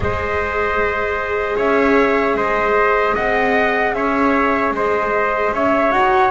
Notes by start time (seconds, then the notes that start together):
0.00 G#3 G#4 C5 D#5
1.56 C#4 C#5 E5
2.34 G#3 C5 D#5
3.14 C4 D#5 F#5
3.93 C#4 C#5 E5
4.71 G#3 C5 D#5
5.52 C#4 C#5 E5
5.90 D#4 F#4 F#5